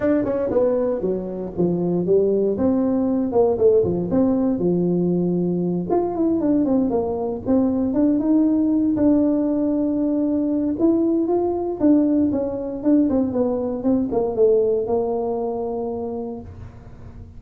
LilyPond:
\new Staff \with { instrumentName = "tuba" } { \time 4/4 \tempo 4 = 117 d'8 cis'8 b4 fis4 f4 | g4 c'4. ais8 a8 f8 | c'4 f2~ f8 f'8 | e'8 d'8 c'8 ais4 c'4 d'8 |
dis'4. d'2~ d'8~ | d'4 e'4 f'4 d'4 | cis'4 d'8 c'8 b4 c'8 ais8 | a4 ais2. | }